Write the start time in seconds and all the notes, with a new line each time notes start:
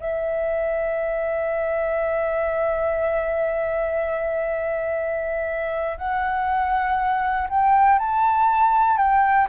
0.00 E5
5.98 F#5
7.50 G5
8.00 A5
8.98 G5